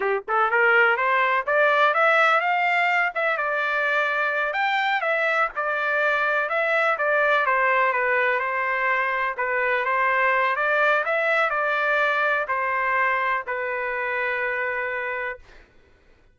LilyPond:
\new Staff \with { instrumentName = "trumpet" } { \time 4/4 \tempo 4 = 125 g'8 a'8 ais'4 c''4 d''4 | e''4 f''4. e''8 d''4~ | d''4. g''4 e''4 d''8~ | d''4. e''4 d''4 c''8~ |
c''8 b'4 c''2 b'8~ | b'8 c''4. d''4 e''4 | d''2 c''2 | b'1 | }